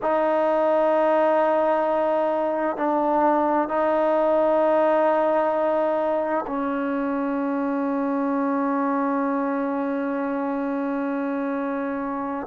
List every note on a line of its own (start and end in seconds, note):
0.02 2.77 D#4
2.77 3.68 D4
3.68 6.45 D#4
6.46 12.46 C#4